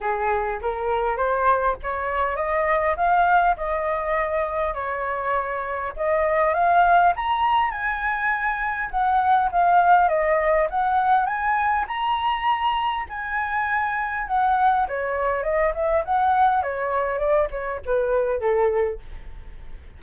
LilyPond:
\new Staff \with { instrumentName = "flute" } { \time 4/4 \tempo 4 = 101 gis'4 ais'4 c''4 cis''4 | dis''4 f''4 dis''2 | cis''2 dis''4 f''4 | ais''4 gis''2 fis''4 |
f''4 dis''4 fis''4 gis''4 | ais''2 gis''2 | fis''4 cis''4 dis''8 e''8 fis''4 | cis''4 d''8 cis''8 b'4 a'4 | }